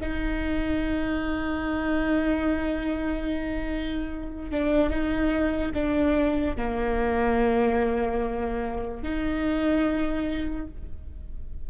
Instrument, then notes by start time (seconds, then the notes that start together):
viola
0.00 D#4
4.51 D4
4.90 D#4
5.74 D4
6.56 A#3
9.03 D#4